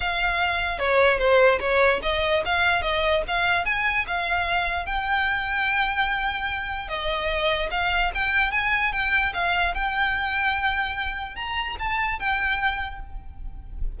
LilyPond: \new Staff \with { instrumentName = "violin" } { \time 4/4 \tempo 4 = 148 f''2 cis''4 c''4 | cis''4 dis''4 f''4 dis''4 | f''4 gis''4 f''2 | g''1~ |
g''4 dis''2 f''4 | g''4 gis''4 g''4 f''4 | g''1 | ais''4 a''4 g''2 | }